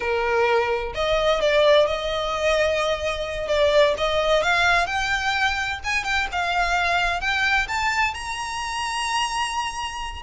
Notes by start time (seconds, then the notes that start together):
0.00 A#4
0.94 D#5
1.41 D5
1.86 D#5
3.47 D5
3.97 D#5
4.42 F5
4.86 G5
5.84 G#5
6.04 G5
6.32 F5
7.20 G5
7.68 A5
8.14 A#5